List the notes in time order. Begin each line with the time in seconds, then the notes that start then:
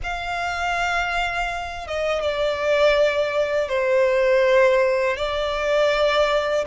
0.03 F5
1.87 D#5
2.22 D5
3.68 C5
5.16 D5